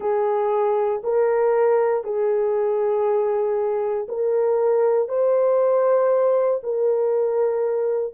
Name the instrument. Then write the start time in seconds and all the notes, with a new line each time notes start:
horn
0.00 G#4
1.04 A#4
2.03 G#4
4.08 A#4
5.08 C5
6.63 A#4